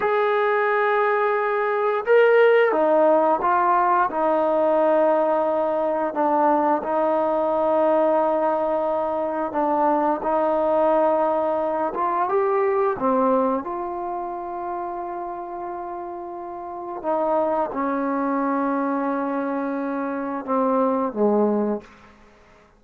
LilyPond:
\new Staff \with { instrumentName = "trombone" } { \time 4/4 \tempo 4 = 88 gis'2. ais'4 | dis'4 f'4 dis'2~ | dis'4 d'4 dis'2~ | dis'2 d'4 dis'4~ |
dis'4. f'8 g'4 c'4 | f'1~ | f'4 dis'4 cis'2~ | cis'2 c'4 gis4 | }